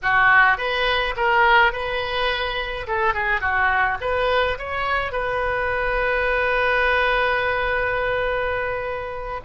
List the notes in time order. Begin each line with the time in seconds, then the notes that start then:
0.02 F#4
0.57 B4
1.16 A#4
1.72 B4
2.87 A4
3.14 G#4
3.41 F#4
4.00 B4
4.58 C#5
5.12 B4